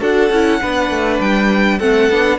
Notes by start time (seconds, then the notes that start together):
0.00 D4 F#4 A4 F#5
0.30 C#4 E4
0.61 B3 D4 B4
0.90 A3
1.20 G3 G5
1.78 A3 C4 A4 F#5
2.10 B3 D4